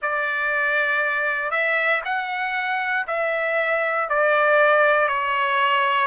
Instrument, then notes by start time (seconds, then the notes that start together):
trumpet
0.01 D5
1.50 E5
2.04 F#5
3.07 E5
4.09 D5
5.08 C#5